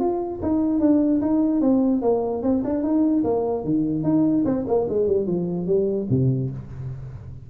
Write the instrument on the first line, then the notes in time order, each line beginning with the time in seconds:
tuba
0.00 F4
0.42 D#4
0.80 D4
1.21 D#4
1.61 C4
2.02 A#3
2.43 C4
2.65 D4
2.83 D#4
3.24 A#3
3.65 D#3
4.04 D#4
4.45 C4
4.68 A#3
4.89 G#3
5.07 G3
5.27 F3
5.67 G3
6.10 C3